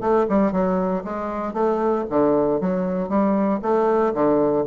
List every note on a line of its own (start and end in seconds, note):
0.00 0.26 A3
0.29 0.52 G3
0.52 1.03 F#3
1.04 1.53 G#3
1.53 2.04 A3
2.09 2.60 D3
2.60 3.08 F#3
3.08 3.60 G3
3.62 4.13 A3
4.14 4.65 D3